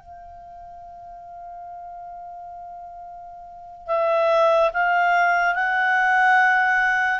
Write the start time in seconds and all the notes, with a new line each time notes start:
0.00 F5
3.87 E5
4.74 F5
5.55 F#5